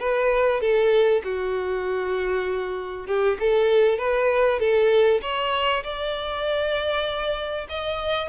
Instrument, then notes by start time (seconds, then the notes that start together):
violin
0.00 B4
0.62 A4
1.24 F#4
3.07 G4
3.40 A4
3.99 B4
4.60 A4
5.23 C#5
5.84 D5
7.69 D#5